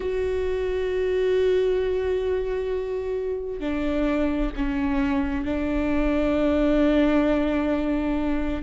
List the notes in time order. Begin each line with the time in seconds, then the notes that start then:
0.00 F#4
3.60 D4
4.55 C#4
5.45 D4